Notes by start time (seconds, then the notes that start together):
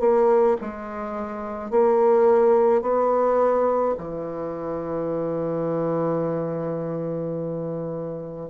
0.00 A#3
0.61 G#3
1.71 A#3
2.82 B3
3.98 E3